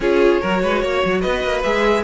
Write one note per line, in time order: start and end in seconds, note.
0.00 0.40 C#4
0.00 0.42 F4
0.00 0.41 G#4
0.00 1.20 C#5
0.41 0.63 F#3
0.41 1.64 F#4
0.41 0.61 A#4
0.63 0.82 G#3
0.63 0.82 B4
0.82 1.03 A#3
0.82 1.21 C#5
1.05 1.24 F#3
1.20 1.43 B3
1.20 2.02 B4
1.20 1.61 D#5
1.43 1.64 A#3
1.63 2.03 G#3
1.63 2.03 G#4
1.63 2.03 E5